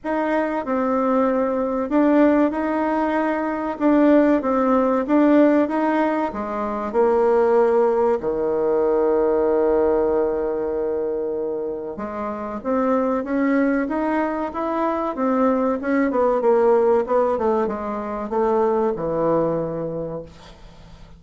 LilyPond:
\new Staff \with { instrumentName = "bassoon" } { \time 4/4 \tempo 4 = 95 dis'4 c'2 d'4 | dis'2 d'4 c'4 | d'4 dis'4 gis4 ais4~ | ais4 dis2.~ |
dis2. gis4 | c'4 cis'4 dis'4 e'4 | c'4 cis'8 b8 ais4 b8 a8 | gis4 a4 e2 | }